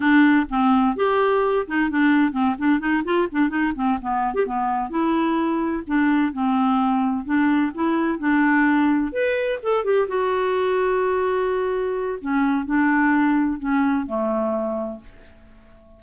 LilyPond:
\new Staff \with { instrumentName = "clarinet" } { \time 4/4 \tempo 4 = 128 d'4 c'4 g'4. dis'8 | d'4 c'8 d'8 dis'8 f'8 d'8 dis'8 | c'8 b8. g'16 b4 e'4.~ | e'8 d'4 c'2 d'8~ |
d'8 e'4 d'2 b'8~ | b'8 a'8 g'8 fis'2~ fis'8~ | fis'2 cis'4 d'4~ | d'4 cis'4 a2 | }